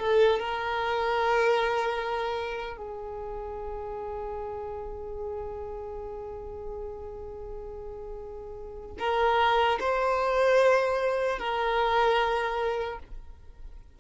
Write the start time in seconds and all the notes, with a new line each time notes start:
0.00 A4
0.39 A#4
2.77 G#4
8.99 A#4
9.80 C5
11.39 A#4